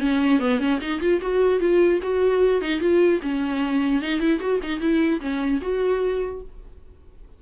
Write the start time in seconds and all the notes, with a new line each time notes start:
0.00 C#4
0.39 B3
0.59 C#4
0.81 D#4
1.00 F4
1.21 F#4
1.59 F4
2.02 F#4
2.61 D#4
2.80 F4
3.22 C#4
4.02 D#4
4.19 E4
4.40 F#4
4.62 D#4
4.80 E4
5.20 C#4
5.61 F#4